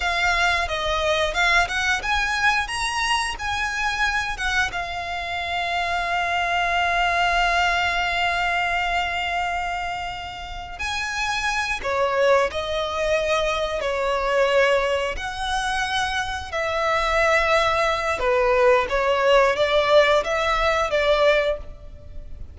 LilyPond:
\new Staff \with { instrumentName = "violin" } { \time 4/4 \tempo 4 = 89 f''4 dis''4 f''8 fis''8 gis''4 | ais''4 gis''4. fis''8 f''4~ | f''1~ | f''1 |
gis''4. cis''4 dis''4.~ | dis''8 cis''2 fis''4.~ | fis''8 e''2~ e''8 b'4 | cis''4 d''4 e''4 d''4 | }